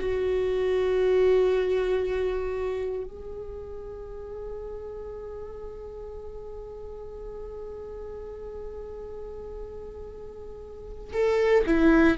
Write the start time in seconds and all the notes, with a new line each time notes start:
0.00 F#4
3.05 G#4
11.14 A4
11.67 E4